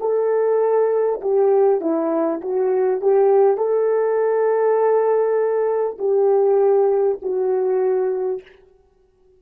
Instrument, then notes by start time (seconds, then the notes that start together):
horn
0.00 A4
1.21 G4
1.81 E4
2.41 F#4
3.01 G4
3.57 A4
5.98 G4
7.22 F#4